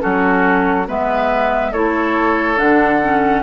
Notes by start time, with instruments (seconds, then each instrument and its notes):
0.00 bassoon F#3, clarinet C#4, oboe F#4, flute A4
0.87 bassoon G#3, clarinet B3, oboe B4, flute E5
1.72 bassoon A3, clarinet E4, oboe A4, flute C#5
2.57 bassoon D3, clarinet D4, flute F#5
3.02 clarinet C#4